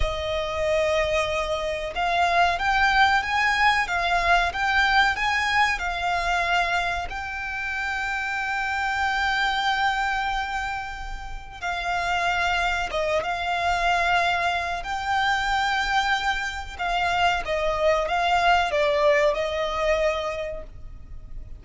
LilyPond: \new Staff \with { instrumentName = "violin" } { \time 4/4 \tempo 4 = 93 dis''2. f''4 | g''4 gis''4 f''4 g''4 | gis''4 f''2 g''4~ | g''1~ |
g''2 f''2 | dis''8 f''2~ f''8 g''4~ | g''2 f''4 dis''4 | f''4 d''4 dis''2 | }